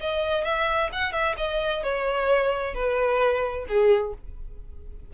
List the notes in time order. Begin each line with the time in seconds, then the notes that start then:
0.00 D#5
0.44 E5
0.92 F#5
1.12 E5
1.37 D#5
1.83 C#5
2.74 B4
3.68 G#4